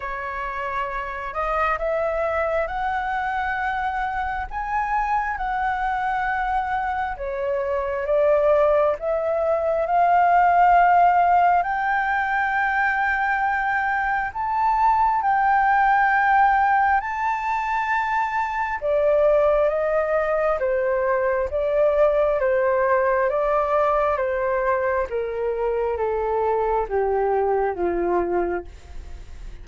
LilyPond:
\new Staff \with { instrumentName = "flute" } { \time 4/4 \tempo 4 = 67 cis''4. dis''8 e''4 fis''4~ | fis''4 gis''4 fis''2 | cis''4 d''4 e''4 f''4~ | f''4 g''2. |
a''4 g''2 a''4~ | a''4 d''4 dis''4 c''4 | d''4 c''4 d''4 c''4 | ais'4 a'4 g'4 f'4 | }